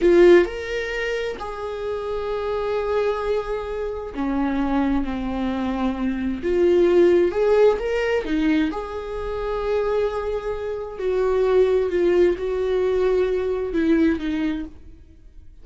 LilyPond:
\new Staff \with { instrumentName = "viola" } { \time 4/4 \tempo 4 = 131 f'4 ais'2 gis'4~ | gis'1~ | gis'4 cis'2 c'4~ | c'2 f'2 |
gis'4 ais'4 dis'4 gis'4~ | gis'1 | fis'2 f'4 fis'4~ | fis'2 e'4 dis'4 | }